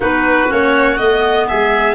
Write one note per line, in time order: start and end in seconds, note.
0.00 0.48 B3
0.00 0.47 D#4
0.00 1.47 F#4
0.00 0.51 B4
0.47 0.99 A#3
0.47 0.97 C#4
0.47 0.97 C#5
0.97 1.49 A3
0.97 1.95 B3
0.97 1.46 D#5
1.48 1.95 G#3
1.48 1.95 G#4
1.48 1.95 E5